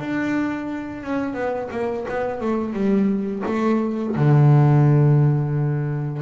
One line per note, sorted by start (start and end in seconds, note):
0.00 1.03 D4
1.03 1.34 C#4
1.34 1.68 B3
1.71 2.06 A#3
2.09 2.41 B3
2.41 2.73 A3
2.73 3.43 G3
3.46 4.15 A3
4.16 6.22 D3